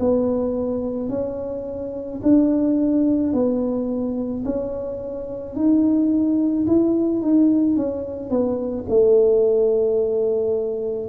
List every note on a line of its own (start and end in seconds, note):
0.00 1.10 B3
1.10 2.21 C#4
2.23 3.34 D4
3.34 4.45 B3
4.45 5.56 C#4
5.56 6.67 D#4
6.67 7.23 E4
7.23 7.77 D#4
7.77 8.30 C#4
8.30 8.86 B3
8.89 11.10 A3